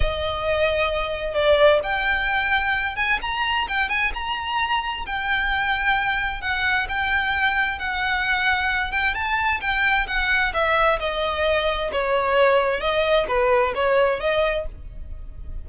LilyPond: \new Staff \with { instrumentName = "violin" } { \time 4/4 \tempo 4 = 131 dis''2. d''4 | g''2~ g''8 gis''8 ais''4 | g''8 gis''8 ais''2 g''4~ | g''2 fis''4 g''4~ |
g''4 fis''2~ fis''8 g''8 | a''4 g''4 fis''4 e''4 | dis''2 cis''2 | dis''4 b'4 cis''4 dis''4 | }